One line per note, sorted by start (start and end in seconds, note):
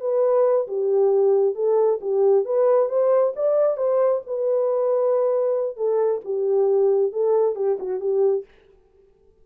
0.00 0.67 B4
0.67 1.55 G4
1.55 1.99 A4
2.01 2.45 G4
2.45 2.89 B4
2.89 3.33 C5
3.35 3.77 D5
3.77 4.21 C5
4.26 5.76 B4
5.76 6.21 A4
6.24 7.12 G4
7.12 7.55 A4
7.55 7.78 G4
7.79 8.00 F#4
8.00 8.44 G4